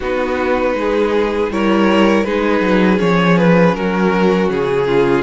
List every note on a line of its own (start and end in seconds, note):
0.00 0.74 B3
0.00 1.51 D#4
0.00 0.75 F#4
0.00 1.52 B4
0.74 1.49 G#3
0.74 1.52 G#4
1.49 2.24 G3
1.49 2.26 E4
1.49 2.26 A#4
1.49 2.23 C#5
2.23 2.61 G#3
2.23 2.97 D#4
2.23 3.76 G#4
2.23 2.98 B4
2.61 2.98 F#3
2.97 3.75 F3
2.97 5.22 C#4
2.97 3.37 C#5
3.37 3.74 B4
3.74 4.49 F#3
3.74 4.87 F#4
3.74 4.49 A#4
4.49 5.23 C#3
4.49 5.23 G#4
4.87 5.23 F4